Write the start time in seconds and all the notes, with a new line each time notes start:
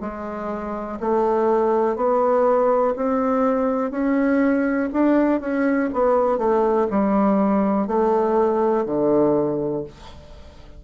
0.00 G#3
1.00 A3
1.96 B3
2.96 C4
3.90 C#4
4.93 D4
5.40 C#4
5.93 B3
6.38 A3
6.90 G3
7.87 A3
8.85 D3